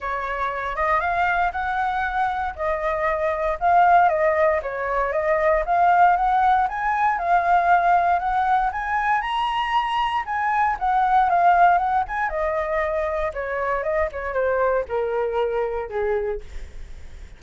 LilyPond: \new Staff \with { instrumentName = "flute" } { \time 4/4 \tempo 4 = 117 cis''4. dis''8 f''4 fis''4~ | fis''4 dis''2 f''4 | dis''4 cis''4 dis''4 f''4 | fis''4 gis''4 f''2 |
fis''4 gis''4 ais''2 | gis''4 fis''4 f''4 fis''8 gis''8 | dis''2 cis''4 dis''8 cis''8 | c''4 ais'2 gis'4 | }